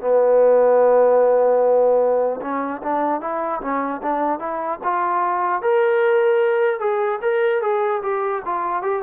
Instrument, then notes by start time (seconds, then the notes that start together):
trombone
0.00 B3
2.41 C#4
2.82 D4
3.21 E4
3.61 C#4
4.02 D4
4.39 E4
4.84 F4
5.62 A#4
6.80 G#4
7.21 A#4
7.61 G#4
8.02 G4
8.45 F4
8.82 G4